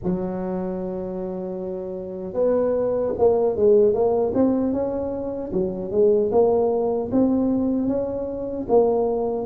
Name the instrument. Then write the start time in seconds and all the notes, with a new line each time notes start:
tuba
0.03 F#3
2.33 B3
3.18 A#3
3.56 G#3
3.93 A#3
4.34 C4
4.72 C#4
5.52 F#3
5.91 G#3
6.31 A#3
7.11 C4
7.87 C#4
8.68 A#3